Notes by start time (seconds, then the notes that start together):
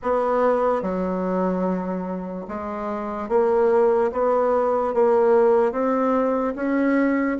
0.02 B3
0.81 F#3
2.47 G#3
3.29 A#3
4.12 B3
4.94 A#3
5.72 C4
6.55 C#4